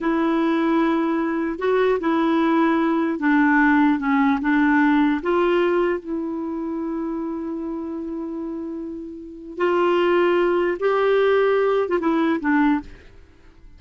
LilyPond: \new Staff \with { instrumentName = "clarinet" } { \time 4/4 \tempo 4 = 150 e'1 | fis'4 e'2. | d'2 cis'4 d'4~ | d'4 f'2 e'4~ |
e'1~ | e'1 | f'2. g'4~ | g'4.~ g'16 f'16 e'4 d'4 | }